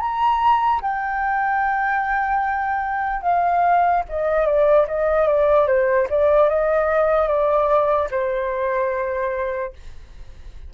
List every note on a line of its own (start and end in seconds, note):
0.00 0.81 A#5
0.82 3.22 G5
3.22 4.03 F5
4.09 4.46 D#5
4.46 4.86 D5
4.88 5.27 D#5
5.27 5.67 D5
5.67 6.08 C5
6.10 6.49 D5
6.49 7.28 D#5
7.28 8.09 D5
8.11 9.73 C5